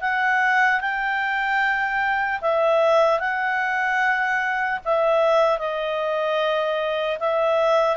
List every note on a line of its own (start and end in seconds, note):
0.00 0.80 F#5
0.80 2.40 G5
2.41 3.19 E5
3.19 4.79 F#5
4.84 5.58 E5
5.58 7.18 D#5
7.19 7.96 E5